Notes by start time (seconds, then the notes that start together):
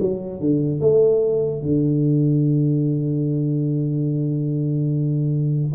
0.00 F#3
0.40 D3
0.80 A3
1.62 D3